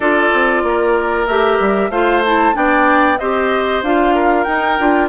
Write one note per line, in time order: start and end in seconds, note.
0.00 0.30 D4
0.00 1.28 F4
0.00 0.62 A4
0.00 1.26 D5
0.33 0.63 C4
0.63 1.26 A#3
0.63 1.91 A#4
1.26 1.59 A3
1.26 1.91 G4
1.26 1.90 E5
1.60 1.89 G3
1.89 2.53 A3
1.89 2.23 F4
1.89 2.55 C5
1.89 2.22 F5
2.24 2.53 E4
2.24 2.55 A5
2.53 3.19 B3
2.53 3.17 D4
2.53 3.19 D5
2.53 3.18 G5
3.18 3.82 C4
3.18 3.84 G4
3.18 4.14 C5
3.18 3.82 D#5
3.82 4.46 D4
3.82 4.46 F4
3.82 4.43 F5
4.14 5.08 A#4
4.43 4.78 D#4
4.43 5.07 G5
4.78 5.08 D4
4.78 5.08 F4